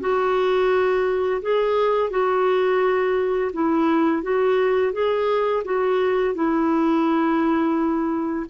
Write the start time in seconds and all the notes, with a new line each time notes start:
0.00 F#4
1.42 G#4
2.10 F#4
3.53 E4
4.22 F#4
4.92 G#4
5.64 F#4
6.34 E4